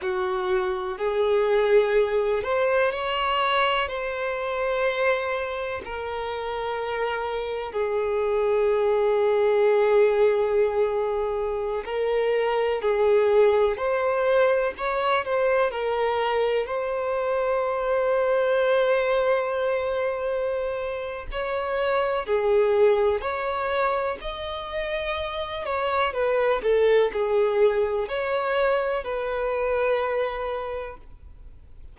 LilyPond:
\new Staff \with { instrumentName = "violin" } { \time 4/4 \tempo 4 = 62 fis'4 gis'4. c''8 cis''4 | c''2 ais'2 | gis'1~ | gis'16 ais'4 gis'4 c''4 cis''8 c''16~ |
c''16 ais'4 c''2~ c''8.~ | c''2 cis''4 gis'4 | cis''4 dis''4. cis''8 b'8 a'8 | gis'4 cis''4 b'2 | }